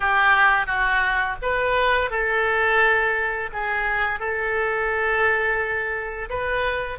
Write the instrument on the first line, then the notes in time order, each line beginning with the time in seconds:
oboe
0.00 G4
0.66 F#4
1.41 B4
2.10 A4
3.52 G#4
4.19 A4
6.29 B4